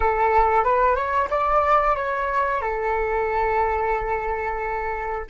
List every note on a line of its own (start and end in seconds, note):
0.00 0.64 A4
0.64 0.95 B4
0.95 1.28 C#5
1.30 1.95 D5
1.95 2.61 C#5
2.61 5.25 A4